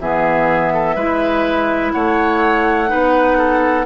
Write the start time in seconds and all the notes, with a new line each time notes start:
0.00 E3 B3 G#4 E5
0.73 A4
0.95 G#3 E4 B4
1.92 A3 C#5 F#5
2.88 B3 D#4 B4
3.38 A4